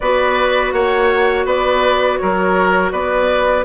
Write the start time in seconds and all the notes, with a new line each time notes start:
0.00 B3 F#4 B4 D5
0.71 A#3 C#5 F#5
1.45 B3 B4 D5
2.17 F#3 A#4 C#5
2.91 B3 B4 D5